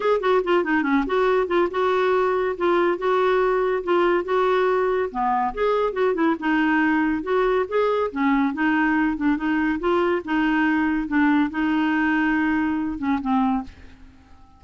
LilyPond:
\new Staff \with { instrumentName = "clarinet" } { \time 4/4 \tempo 4 = 141 gis'8 fis'8 f'8 dis'8 cis'8 fis'4 f'8 | fis'2 f'4 fis'4~ | fis'4 f'4 fis'2 | b4 gis'4 fis'8 e'8 dis'4~ |
dis'4 fis'4 gis'4 cis'4 | dis'4. d'8 dis'4 f'4 | dis'2 d'4 dis'4~ | dis'2~ dis'8 cis'8 c'4 | }